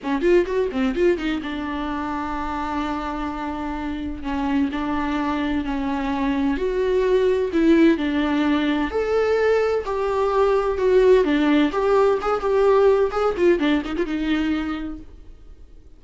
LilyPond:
\new Staff \with { instrumentName = "viola" } { \time 4/4 \tempo 4 = 128 cis'8 f'8 fis'8 c'8 f'8 dis'8 d'4~ | d'1~ | d'4 cis'4 d'2 | cis'2 fis'2 |
e'4 d'2 a'4~ | a'4 g'2 fis'4 | d'4 g'4 gis'8 g'4. | gis'8 f'8 d'8 dis'16 f'16 dis'2 | }